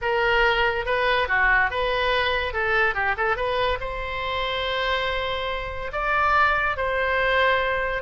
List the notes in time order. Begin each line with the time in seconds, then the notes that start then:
0.01 A#4
0.85 B4
1.28 F#4
1.70 B4
2.53 A4
2.94 G4
3.17 A4
3.36 B4
3.80 C5
5.92 D5
6.76 C5